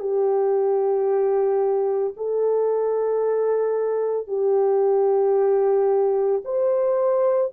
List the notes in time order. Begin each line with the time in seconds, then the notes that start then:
0.00 G4
2.17 A4
4.28 G4
6.45 C5